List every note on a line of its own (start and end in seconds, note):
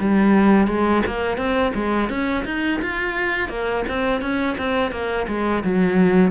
0.00 0.68 G3
0.68 1.03 G#3
1.06 1.38 A#3
1.38 1.73 C4
1.75 2.10 G#3
2.10 2.45 C#4
2.45 2.80 D#4
2.82 3.49 F4
3.49 3.84 A#3
3.88 4.22 C4
4.22 4.57 C#4
4.58 4.92 C4
4.92 5.27 A#3
5.28 5.63 G#3
5.64 6.31 F#3